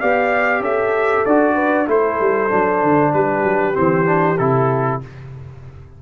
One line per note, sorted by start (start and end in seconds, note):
0.00 0.60 B3
0.00 1.26 G4
0.00 0.62 D5
0.00 0.63 F5
0.60 1.23 C#4
0.60 1.55 A4
0.60 1.25 E5
1.25 1.88 D4
1.25 1.87 F#4
1.25 1.88 D5
1.55 1.86 B4
1.87 2.19 A3
1.87 2.50 E4
1.87 3.12 A4
1.87 3.13 C5
2.20 2.51 G3
2.50 2.83 F#3
2.50 3.74 D4
2.83 3.14 D3
3.13 3.43 G3
3.13 5.02 G4
3.13 3.76 B4
3.43 3.75 F#3
3.74 4.39 E3
3.74 4.05 C4
3.74 4.38 C5
4.05 4.37 D4
4.38 5.02 C3
4.38 5.01 E4
4.38 5.00 A4